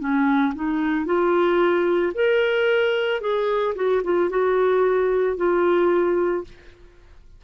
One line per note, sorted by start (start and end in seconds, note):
0.00 0.54 C#4
0.55 1.06 D#4
1.06 2.13 F4
2.14 3.21 A#4
3.21 3.75 G#4
3.75 4.02 F#4
4.04 4.30 F4
4.30 5.37 F#4
5.37 6.44 F4